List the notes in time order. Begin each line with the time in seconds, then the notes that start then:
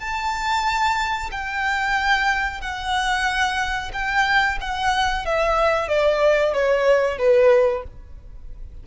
0.00 A5
1.32 G5
2.61 F#5
3.93 G5
4.61 F#5
5.25 E5
5.88 D5
6.53 C#5
7.18 B4